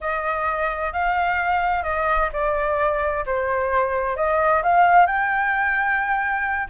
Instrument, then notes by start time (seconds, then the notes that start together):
flute
0.01 D#5
0.93 F5
1.83 D#5
2.32 D5
3.25 C5
4.16 D#5
4.62 F5
5.06 G5